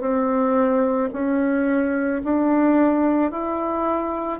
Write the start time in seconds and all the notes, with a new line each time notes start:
0.00 C4
1.13 C#4
2.24 D4
3.31 E4